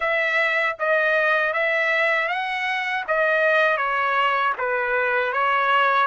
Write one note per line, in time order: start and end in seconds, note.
0.00 0.76 E5
0.79 1.53 D#5
1.53 2.28 E5
2.28 3.04 F#5
3.07 3.77 D#5
3.77 4.53 C#5
4.58 5.33 B4
5.33 6.06 C#5